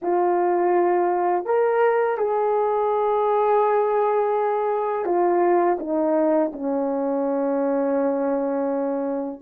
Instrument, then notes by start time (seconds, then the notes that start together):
horn
0.02 F4
1.45 A#4
2.17 G#4
5.05 F4
5.79 D#4
6.53 C#4